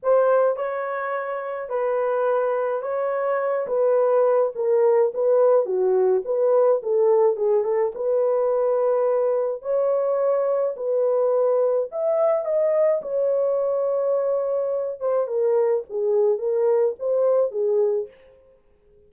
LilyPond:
\new Staff \with { instrumentName = "horn" } { \time 4/4 \tempo 4 = 106 c''4 cis''2 b'4~ | b'4 cis''4. b'4. | ais'4 b'4 fis'4 b'4 | a'4 gis'8 a'8 b'2~ |
b'4 cis''2 b'4~ | b'4 e''4 dis''4 cis''4~ | cis''2~ cis''8 c''8 ais'4 | gis'4 ais'4 c''4 gis'4 | }